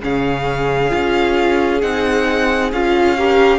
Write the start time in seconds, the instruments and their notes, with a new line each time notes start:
0.00 cello C#3, viola C#4, violin G#4 F5
0.90 cello C#4, viola F4
1.81 cello C4, viola D#4, violin F#5
2.71 cello C#4, viola F4, violin F5
3.17 viola G4, violin A#4